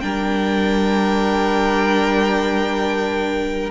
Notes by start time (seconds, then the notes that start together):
0.00 G3 D4 A#4 G5